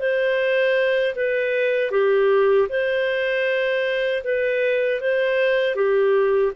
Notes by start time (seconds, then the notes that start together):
0.00 C5
1.16 B4
1.92 G4
2.70 C5
4.24 B4
5.01 C5
5.76 G4